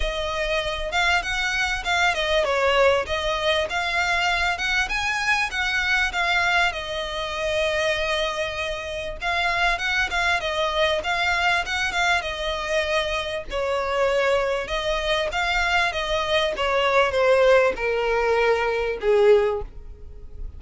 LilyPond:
\new Staff \with { instrumentName = "violin" } { \time 4/4 \tempo 4 = 98 dis''4. f''8 fis''4 f''8 dis''8 | cis''4 dis''4 f''4. fis''8 | gis''4 fis''4 f''4 dis''4~ | dis''2. f''4 |
fis''8 f''8 dis''4 f''4 fis''8 f''8 | dis''2 cis''2 | dis''4 f''4 dis''4 cis''4 | c''4 ais'2 gis'4 | }